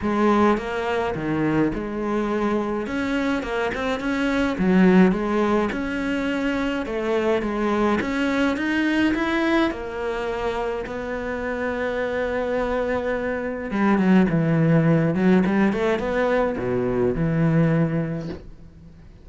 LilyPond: \new Staff \with { instrumentName = "cello" } { \time 4/4 \tempo 4 = 105 gis4 ais4 dis4 gis4~ | gis4 cis'4 ais8 c'8 cis'4 | fis4 gis4 cis'2 | a4 gis4 cis'4 dis'4 |
e'4 ais2 b4~ | b1 | g8 fis8 e4. fis8 g8 a8 | b4 b,4 e2 | }